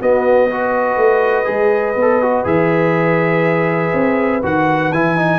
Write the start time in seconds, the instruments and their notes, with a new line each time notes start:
0.00 tuba B3, trombone B3, horn F#4, trumpet D#5
0.50 trombone F#4, horn B4
0.97 tuba A3
1.45 tuba G#3, trombone G#4
1.95 tuba B3, trombone A4
2.22 trombone F#4
2.44 tuba E3, trombone G#4, trumpet E5
3.93 tuba C4
4.43 tuba D#3, trombone F#4, trumpet F#5
4.91 tuba E3, trombone E4, trumpet G#5
5.17 trombone D#4